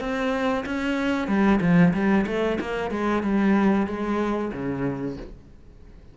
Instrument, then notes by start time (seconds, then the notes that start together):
cello
0.00 C4
0.66 C#4
1.28 G3
1.61 F3
1.94 G3
2.27 A3
2.60 A#3
2.91 G#3
3.23 G3
3.87 G#3
4.53 C#3